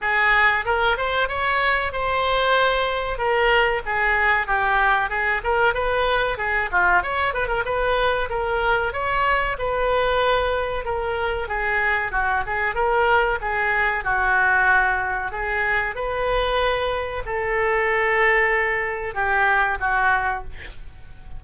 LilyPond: \new Staff \with { instrumentName = "oboe" } { \time 4/4 \tempo 4 = 94 gis'4 ais'8 c''8 cis''4 c''4~ | c''4 ais'4 gis'4 g'4 | gis'8 ais'8 b'4 gis'8 f'8 cis''8 b'16 ais'16 | b'4 ais'4 cis''4 b'4~ |
b'4 ais'4 gis'4 fis'8 gis'8 | ais'4 gis'4 fis'2 | gis'4 b'2 a'4~ | a'2 g'4 fis'4 | }